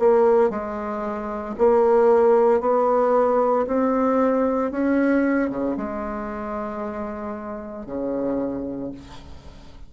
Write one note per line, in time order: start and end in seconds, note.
0.00 0.50 A#3
0.50 1.56 G#3
1.59 2.61 A#3
2.61 3.67 B3
3.67 4.72 C4
4.72 5.50 C#4
5.50 5.77 C#3
5.78 7.87 G#3
7.87 8.92 C#3